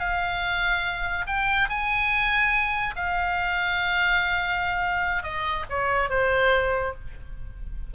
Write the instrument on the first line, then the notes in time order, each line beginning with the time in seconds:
oboe
0.00 F5
1.27 G5
1.70 G#5
2.97 F5
5.24 D#5
5.70 C#5
6.10 C5